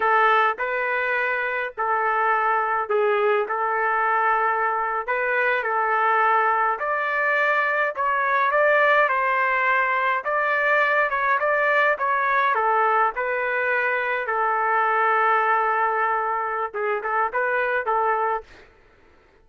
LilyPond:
\new Staff \with { instrumentName = "trumpet" } { \time 4/4 \tempo 4 = 104 a'4 b'2 a'4~ | a'4 gis'4 a'2~ | a'8. b'4 a'2 d''16~ | d''4.~ d''16 cis''4 d''4 c''16~ |
c''4.~ c''16 d''4. cis''8 d''16~ | d''8. cis''4 a'4 b'4~ b'16~ | b'8. a'2.~ a'16~ | a'4 gis'8 a'8 b'4 a'4 | }